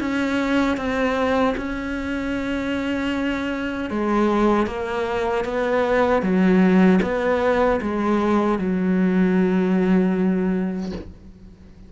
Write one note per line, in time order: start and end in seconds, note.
0.00 0.77 C#4
0.77 1.55 C4
1.57 3.90 C#4
3.90 4.66 G#3
4.66 5.44 A#3
5.45 6.22 B3
6.22 7.00 F#3
7.02 7.80 B3
7.81 8.59 G#3
8.59 10.92 F#3